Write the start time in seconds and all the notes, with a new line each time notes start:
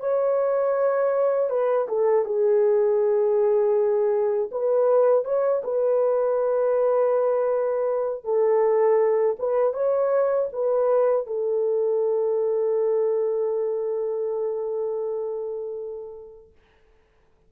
0.00 C#5
1.50 B4
1.88 A4
2.25 G#4
4.51 B4
5.25 C#5
5.64 B4
8.24 A4
9.39 B4
9.74 C#5
10.52 B4
11.27 A4